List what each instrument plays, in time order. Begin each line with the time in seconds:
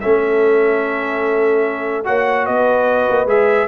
0.00 tuba A3, trombone C#4, horn A4, trumpet E5
2.04 tuba A#3, trombone F#4, horn C#5, trumpet F#5
2.45 tuba B3, horn B4, trumpet D#5
3.09 tuba A#3
3.26 tuba G#3, trombone G#4, trumpet E5